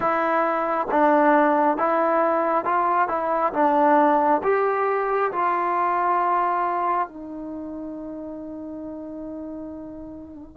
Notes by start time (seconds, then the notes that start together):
0.00 E4
0.91 D4
1.77 E4
2.65 F4
3.08 E4
3.53 D4
4.43 G4
5.32 F4
7.08 D#4